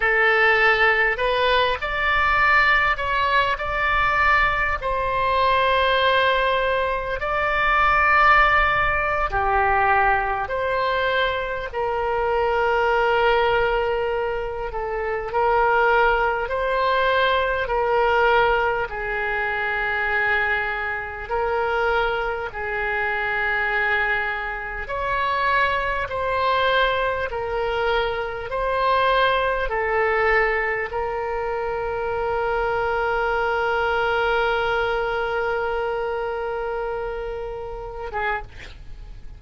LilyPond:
\new Staff \with { instrumentName = "oboe" } { \time 4/4 \tempo 4 = 50 a'4 b'8 d''4 cis''8 d''4 | c''2 d''4.~ d''16 g'16~ | g'8. c''4 ais'2~ ais'16~ | ais'16 a'8 ais'4 c''4 ais'4 gis'16~ |
gis'4.~ gis'16 ais'4 gis'4~ gis'16~ | gis'8. cis''4 c''4 ais'4 c''16~ | c''8. a'4 ais'2~ ais'16~ | ais'2.~ ais'8. gis'16 | }